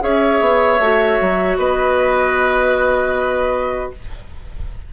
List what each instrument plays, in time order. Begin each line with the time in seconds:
0.00 bassoon C#4, clarinet G#4, oboe C#5, flute E5
0.40 bassoon B3
0.79 bassoon A3, clarinet F#4
1.21 bassoon F#3
1.58 bassoon B3, oboe B4, flute D#5